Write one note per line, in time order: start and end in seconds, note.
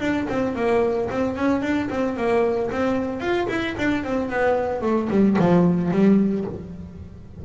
0.00 0.27 D4
0.29 0.55 C4
0.55 1.09 A#3
1.10 1.36 C4
1.36 1.62 C#4
1.62 1.88 D4
1.90 2.16 C4
2.17 2.70 A#3
2.71 3.20 C4
3.20 3.47 F4
3.49 3.75 E4
3.78 4.04 D4
4.04 4.30 C4
4.30 4.82 B3
4.82 5.08 A3
5.10 5.36 G3
5.39 5.91 F3
5.91 6.45 G3